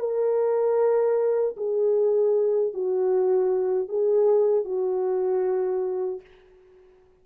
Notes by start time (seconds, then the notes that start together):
0.00 A#4
1.57 G#4
2.74 F#4
3.89 G#4
4.65 F#4